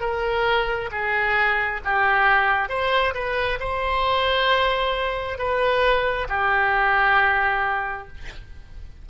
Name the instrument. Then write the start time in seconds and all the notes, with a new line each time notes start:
oboe
0.00 A#4
0.91 G#4
1.84 G4
2.69 C5
3.14 B4
3.59 C5
5.38 B4
6.28 G4